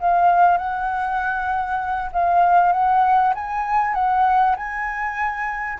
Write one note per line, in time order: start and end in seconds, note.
0.00 0.58 F5
0.58 2.11 F#5
2.12 2.72 F5
2.72 3.34 F#5
3.35 3.94 G#5
3.94 4.56 F#5
4.56 5.79 G#5